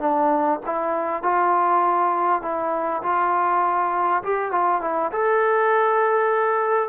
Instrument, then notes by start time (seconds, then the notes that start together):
trombone
0.00 D4
0.67 E4
1.23 F4
2.42 E4
3.03 F4
4.24 G4
4.52 F4
4.82 E4
5.12 A4